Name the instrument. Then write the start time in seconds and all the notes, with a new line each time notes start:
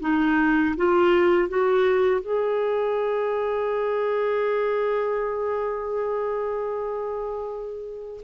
clarinet
0.00 D#4
0.76 F4
1.48 F#4
2.21 G#4